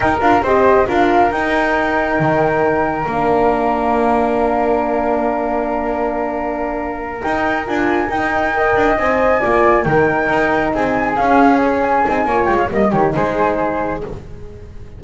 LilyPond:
<<
  \new Staff \with { instrumentName = "flute" } { \time 4/4 \tempo 4 = 137 g''8 f''8 dis''4 f''4 g''4~ | g''2. f''4~ | f''1~ | f''1~ |
f''8 g''4 gis''4 g''4.~ | g''8 gis''2 g''4.~ | g''8 gis''4 f''4 cis''8 gis''4~ | gis''8 g''16 f''16 dis''8 cis''8 c''2 | }
  \new Staff \with { instrumentName = "flute" } { \time 4/4 ais'4 c''4 ais'2~ | ais'1~ | ais'1~ | ais'1~ |
ais'2.~ ais'8 dis''8~ | dis''4. d''4 ais'4.~ | ais'8 gis'2.~ gis'8 | cis''4 dis''8 g'8 gis'2 | }
  \new Staff \with { instrumentName = "horn" } { \time 4/4 dis'8 f'8 g'4 f'4 dis'4~ | dis'2. d'4~ | d'1~ | d'1~ |
d'8 dis'4 f'4 dis'4 ais'8~ | ais'8 c''4 f'4 dis'4.~ | dis'4. cis'2 dis'8 | f'4 ais8 dis'2~ dis'8 | }
  \new Staff \with { instrumentName = "double bass" } { \time 4/4 dis'8 d'8 c'4 d'4 dis'4~ | dis'4 dis2 ais4~ | ais1~ | ais1~ |
ais8 dis'4 d'4 dis'4. | d'8 c'4 ais4 dis4 dis'8~ | dis'8 c'4 cis'2 c'8 | ais8 gis8 g8 dis8 gis2 | }
>>